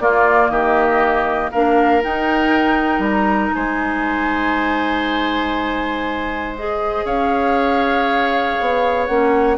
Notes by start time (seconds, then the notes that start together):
0.00 A#3 F4 D5
0.49 D#3 G4 D#5
1.52 A#3 D4 A#4 F5
2.02 D#4 G5
2.99 G3 A#5
3.54 G#3 C5 G#5
6.56 G#4 D#5
7.05 C#4 C#5 F5
8.60 B3
9.07 A#3 C#4 F#5